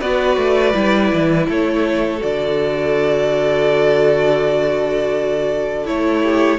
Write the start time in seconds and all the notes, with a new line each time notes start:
0.00 B3 F#4 B4 D5
0.37 A3
0.73 G3 E4
1.13 E3
1.48 A3 A4 C#5
2.18 D3 F#4 D5
5.85 A3 E4 C#5
6.22 G4